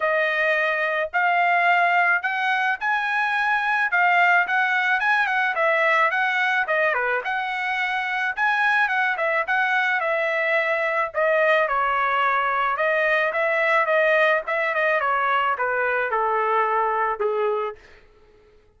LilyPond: \new Staff \with { instrumentName = "trumpet" } { \time 4/4 \tempo 4 = 108 dis''2 f''2 | fis''4 gis''2 f''4 | fis''4 gis''8 fis''8 e''4 fis''4 | dis''8 b'8 fis''2 gis''4 |
fis''8 e''8 fis''4 e''2 | dis''4 cis''2 dis''4 | e''4 dis''4 e''8 dis''8 cis''4 | b'4 a'2 gis'4 | }